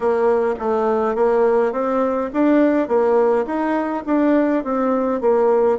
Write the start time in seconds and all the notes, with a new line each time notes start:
0.00 A#3
0.59 A3
1.15 A#3
1.72 C4
2.33 D4
2.87 A#3
3.46 D#4
4.06 D4
4.64 C4
5.20 A#3